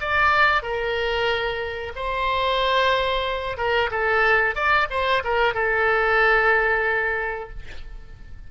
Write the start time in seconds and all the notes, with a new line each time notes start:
0.00 D5
0.62 A#4
1.95 C5
3.57 A#4
3.90 A4
4.55 D5
4.90 C5
5.24 A#4
5.53 A4